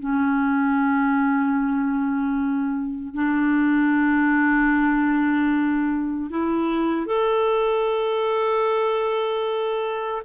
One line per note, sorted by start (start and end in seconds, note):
0.00 3.15 C#4
3.15 6.31 D4
6.31 7.07 E4
7.07 10.22 A4